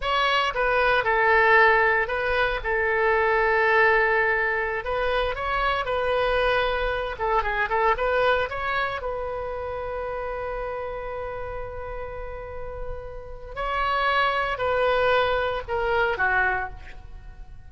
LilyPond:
\new Staff \with { instrumentName = "oboe" } { \time 4/4 \tempo 4 = 115 cis''4 b'4 a'2 | b'4 a'2.~ | a'4~ a'16 b'4 cis''4 b'8.~ | b'4.~ b'16 a'8 gis'8 a'8 b'8.~ |
b'16 cis''4 b'2~ b'8.~ | b'1~ | b'2 cis''2 | b'2 ais'4 fis'4 | }